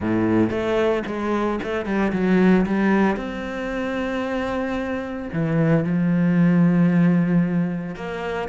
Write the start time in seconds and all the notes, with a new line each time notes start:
0.00 A2
0.50 A3
1.06 G#3
1.63 A3
1.85 G3
2.12 F#3
2.65 G3
3.16 C4
5.32 E3
5.84 F3
7.95 A#3